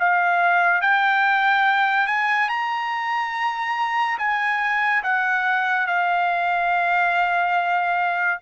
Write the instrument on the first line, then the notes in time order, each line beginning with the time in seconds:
trumpet
0.00 F5
0.82 G5
2.07 G#5
2.49 A#5
4.19 G#5
5.04 F#5
5.87 F5